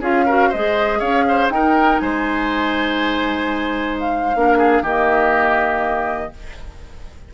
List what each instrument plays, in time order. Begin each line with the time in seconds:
0.00 bassoon C#4, clarinet F4, oboe G#4, flute F5
0.26 clarinet F#4, oboe A#4
0.49 bassoon G#3, oboe C5, flute D#5
0.55 clarinet G#4
0.99 bassoon C#4, oboe C#5, flute F5
1.28 oboe C5
1.49 bassoon D#4, clarinet D#4, oboe A#4, flute G5
1.99 bassoon G#3, oboe C5, flute G#5
3.99 flute F5
4.35 bassoon A#3, clarinet D4, oboe A#4
4.57 oboe G#4
4.82 bassoon D#3, clarinet A#3, oboe G4, flute D#5